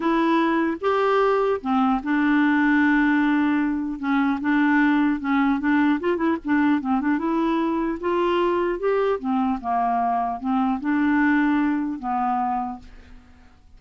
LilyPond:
\new Staff \with { instrumentName = "clarinet" } { \time 4/4 \tempo 4 = 150 e'2 g'2 | c'4 d'2.~ | d'2 cis'4 d'4~ | d'4 cis'4 d'4 f'8 e'8 |
d'4 c'8 d'8 e'2 | f'2 g'4 c'4 | ais2 c'4 d'4~ | d'2 b2 | }